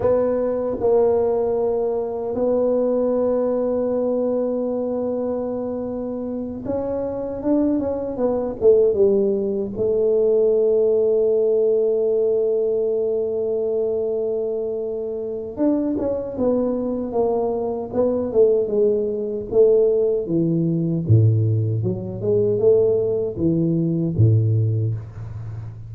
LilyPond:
\new Staff \with { instrumentName = "tuba" } { \time 4/4 \tempo 4 = 77 b4 ais2 b4~ | b1~ | b8 cis'4 d'8 cis'8 b8 a8 g8~ | g8 a2.~ a8~ |
a1 | d'8 cis'8 b4 ais4 b8 a8 | gis4 a4 e4 a,4 | fis8 gis8 a4 e4 a,4 | }